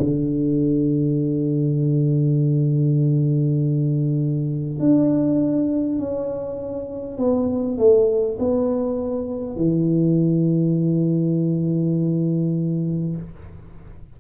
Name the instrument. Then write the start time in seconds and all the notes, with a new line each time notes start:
tuba
0.00 D3
4.79 D4
5.99 C#4
7.18 B3
7.78 A3
8.39 B3
9.56 E3